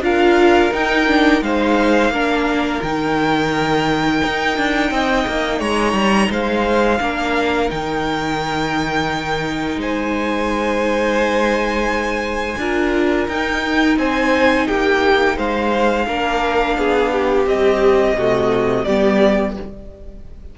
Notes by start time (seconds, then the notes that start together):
0.00 D4 F4 A#4 F5
0.71 D#4 G5
1.07 D4
1.41 G#3 D#4 C5 F5
2.10 A#3 D4 A#4
2.82 D#3 D#4 G5
4.25 D#4
4.57 D4
4.90 C4 D#5
5.27 A#3
5.58 G#3 C#5 A#5
5.93 G3
6.30 G#3 C5 F5
7.00 A#3 D4 A#4
7.69 D#3 D#4 G5
9.76 G#3 C5 G#5
12.57 D4 F4 A#4
13.28 D#4 G5
13.97 C4 C5 G#5
14.67 A#3 G4 G5
15.36 G#3 C5 F5
16.06 A#3 D4 A#4
16.77 B3 G#4
17.12 G4
17.46 G3 C4 D#5
18.15 C3 A3 F#4
18.84 G3 B3 G4 D5